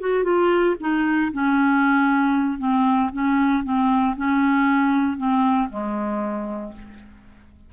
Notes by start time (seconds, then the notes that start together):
0.00 F#4
0.24 F4
0.80 D#4
1.32 C#4
2.58 C4
3.13 C#4
3.63 C4
4.16 C#4
5.17 C4
5.69 G#3